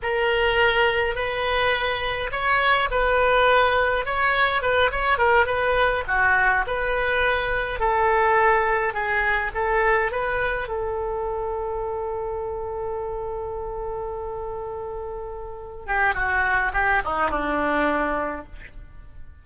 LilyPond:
\new Staff \with { instrumentName = "oboe" } { \time 4/4 \tempo 4 = 104 ais'2 b'2 | cis''4 b'2 cis''4 | b'8 cis''8 ais'8 b'4 fis'4 b'8~ | b'4. a'2 gis'8~ |
gis'8 a'4 b'4 a'4.~ | a'1~ | a'2.~ a'8 g'8 | fis'4 g'8 dis'8 d'2 | }